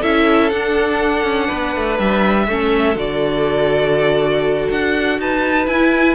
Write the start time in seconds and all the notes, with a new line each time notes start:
0.00 C#4 E4 A4 E5
0.50 D4 F#5
1.24 C#4
1.47 B3 B4
1.76 A3
1.99 G3 E5
2.47 A3 C#4 A4
2.95 D3 F#4 D5
4.70 D4 F#5
5.19 D#4 B4 A5
5.67 E4 G#5